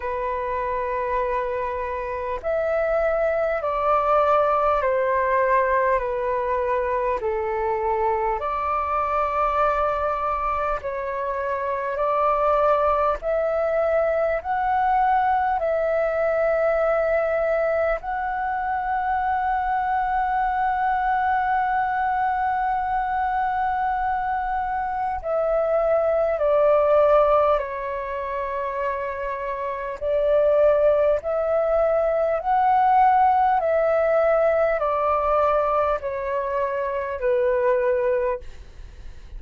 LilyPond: \new Staff \with { instrumentName = "flute" } { \time 4/4 \tempo 4 = 50 b'2 e''4 d''4 | c''4 b'4 a'4 d''4~ | d''4 cis''4 d''4 e''4 | fis''4 e''2 fis''4~ |
fis''1~ | fis''4 e''4 d''4 cis''4~ | cis''4 d''4 e''4 fis''4 | e''4 d''4 cis''4 b'4 | }